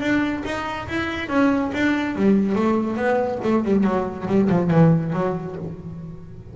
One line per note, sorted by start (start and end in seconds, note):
0.00 0.43 D4
0.45 0.87 D#4
0.88 1.28 E4
1.28 1.71 C#4
1.74 2.15 D4
2.15 2.55 G3
2.55 2.96 A3
2.96 3.39 B3
3.43 3.64 A3
3.64 3.84 G3
3.84 4.26 F#3
4.27 4.49 G3
4.49 4.70 F3
4.70 5.13 E3
5.13 5.55 F#3